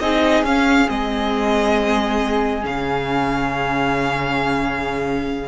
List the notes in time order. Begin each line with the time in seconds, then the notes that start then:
0.00 C4 D#4 G#4 D#5
0.43 C#4 F5
0.87 G#3 C4 D#5
2.62 C#3 C#4 F5